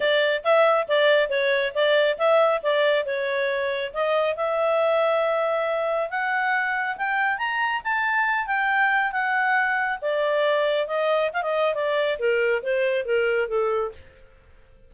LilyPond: \new Staff \with { instrumentName = "clarinet" } { \time 4/4 \tempo 4 = 138 d''4 e''4 d''4 cis''4 | d''4 e''4 d''4 cis''4~ | cis''4 dis''4 e''2~ | e''2 fis''2 |
g''4 ais''4 a''4. g''8~ | g''4 fis''2 d''4~ | d''4 dis''4 f''16 dis''8. d''4 | ais'4 c''4 ais'4 a'4 | }